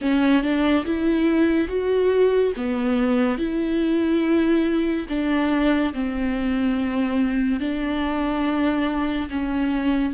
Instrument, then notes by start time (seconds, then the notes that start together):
viola
0.01 C#4
0.42 D4
0.85 E4
1.67 F#4
2.56 B3
3.38 E4
5.08 D4
5.93 C4
7.60 D4
9.30 C#4